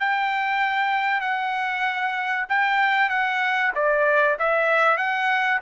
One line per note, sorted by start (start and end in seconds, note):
0.00 1.21 G5
1.21 2.46 F#5
2.49 3.10 G5
3.10 3.72 F#5
3.75 4.38 D5
4.39 4.98 E5
4.98 5.60 F#5